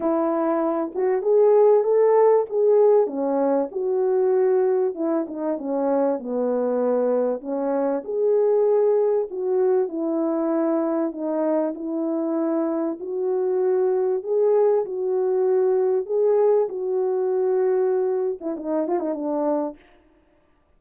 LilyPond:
\new Staff \with { instrumentName = "horn" } { \time 4/4 \tempo 4 = 97 e'4. fis'8 gis'4 a'4 | gis'4 cis'4 fis'2 | e'8 dis'8 cis'4 b2 | cis'4 gis'2 fis'4 |
e'2 dis'4 e'4~ | e'4 fis'2 gis'4 | fis'2 gis'4 fis'4~ | fis'4.~ fis'16 e'16 dis'8 f'16 dis'16 d'4 | }